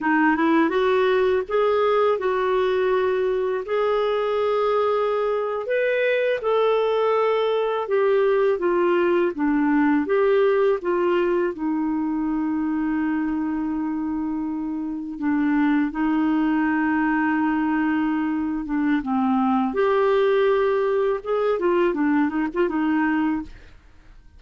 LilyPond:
\new Staff \with { instrumentName = "clarinet" } { \time 4/4 \tempo 4 = 82 dis'8 e'8 fis'4 gis'4 fis'4~ | fis'4 gis'2~ gis'8. b'16~ | b'8. a'2 g'4 f'16~ | f'8. d'4 g'4 f'4 dis'16~ |
dis'1~ | dis'8. d'4 dis'2~ dis'16~ | dis'4. d'8 c'4 g'4~ | g'4 gis'8 f'8 d'8 dis'16 f'16 dis'4 | }